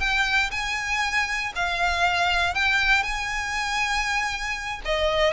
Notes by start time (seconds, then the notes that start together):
0.00 G5
0.51 G#5
1.56 F5
2.55 G5
3.03 G#5
4.86 D#5